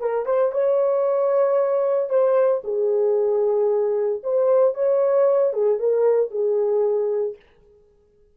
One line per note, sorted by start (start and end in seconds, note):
0.00 0.26 A#4
0.26 0.52 C5
0.52 2.09 C#5
2.09 2.62 C5
2.64 4.22 G#4
4.23 4.74 C5
4.74 5.53 C#5
5.53 5.79 G#4
5.79 6.31 A#4
6.31 7.36 G#4